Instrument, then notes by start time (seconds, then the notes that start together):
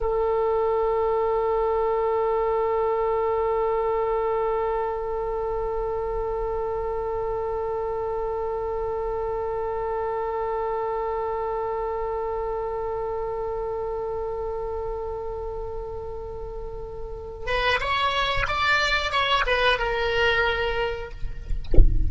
oboe
0.00 A4
17.46 B4
17.80 C#5
18.48 D5
19.11 C#5
19.46 B4
19.78 A#4